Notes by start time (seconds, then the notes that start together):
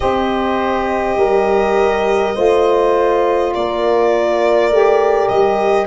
0.00 C4 G4 C5 D#5
1.15 G3 A#4
2.34 A3 F4 C5
3.54 A#3 A#4 D5
4.69 A3 G4
5.28 G3 D#5